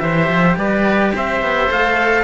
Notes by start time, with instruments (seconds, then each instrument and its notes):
0.00 cello E3 G4, oboe C5, trumpet E5
0.28 cello F3
0.57 cello G3, oboe B4, trumpet D5
1.15 cello C4, oboe C5, trumpet E5
1.42 cello B3
1.68 cello A3 A4, trumpet F5